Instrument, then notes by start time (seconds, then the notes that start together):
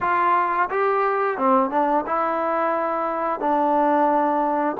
trombone
0.01 F4
0.70 G4
1.37 C4
1.70 D4
2.06 E4
3.39 D4